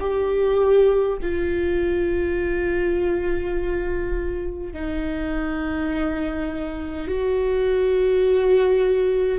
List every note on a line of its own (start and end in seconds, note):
0.00 1.18 G4
1.21 4.73 F4
4.73 7.07 D#4
7.07 9.39 F#4